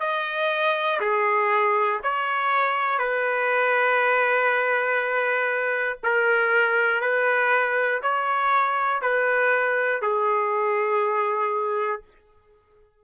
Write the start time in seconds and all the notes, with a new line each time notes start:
0.00 D#5
1.01 G#4
2.04 C#5
2.99 B4
6.04 A#4
7.02 B4
8.02 C#5
9.02 B4
10.02 G#4